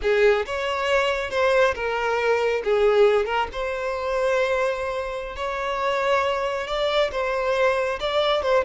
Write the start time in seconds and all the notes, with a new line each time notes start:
0.01 G#4
0.46 C#5
1.30 C5
1.74 A#4
2.64 G#4
3.25 A#4
3.52 C5
5.35 C#5
6.67 D5
7.11 C5
7.99 D5
8.42 C5